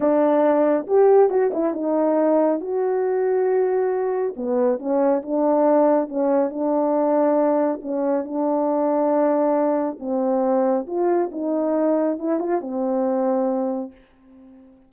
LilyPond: \new Staff \with { instrumentName = "horn" } { \time 4/4 \tempo 4 = 138 d'2 g'4 fis'8 e'8 | dis'2 fis'2~ | fis'2 b4 cis'4 | d'2 cis'4 d'4~ |
d'2 cis'4 d'4~ | d'2. c'4~ | c'4 f'4 dis'2 | e'8 f'8 c'2. | }